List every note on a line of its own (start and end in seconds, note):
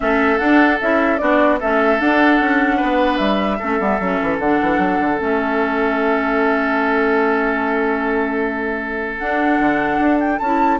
0.00 0.39 A3
0.00 0.39 C#4
0.00 1.21 A4
0.00 0.38 E5
0.38 0.79 D4
0.38 0.81 D4
0.38 0.78 F#5
0.81 1.21 C#4
0.81 1.19 E4
0.81 1.18 E5
1.18 1.61 B3
1.18 1.59 D4
1.18 1.59 F#4
1.18 1.58 D5
1.59 2.00 A3
1.59 1.99 C#4
1.59 2.76 A4
1.59 2.00 E5
1.99 3.59 D4
1.99 2.40 D4
1.99 3.17 F#5
2.40 2.80 C#4
2.76 3.56 B4
2.83 3.19 B3
3.17 3.59 G3
3.17 4.37 E5
3.59 3.80 A3
3.59 3.79 C#4
3.59 10.79 A4
3.79 4.00 G3
3.79 3.99 B3
4.00 4.20 F#3
4.00 4.42 C#4
4.21 4.39 E3
4.39 4.59 D3
4.39 5.18 D4
4.39 5.18 F#5
4.61 4.77 E3
4.77 4.97 F#3
5.00 5.20 D3
5.18 9.20 A3
5.18 9.18 C#4
5.18 9.18 E5
9.18 9.58 D4
9.18 10.40 D4
9.18 10.18 F#5
9.58 9.98 D3
9.99 10.39 D4
10.20 10.39 G5
10.39 10.79 C#4
10.39 10.79 E4
10.39 10.79 A5